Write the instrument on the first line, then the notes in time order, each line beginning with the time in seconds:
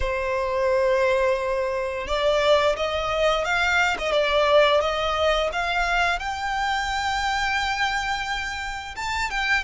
violin
0.00 C5
2.07 D5
2.76 D#5
3.45 F5
3.98 D#5
4.12 D5
4.81 D#5
5.52 F5
6.19 G5
8.96 A5
9.30 G5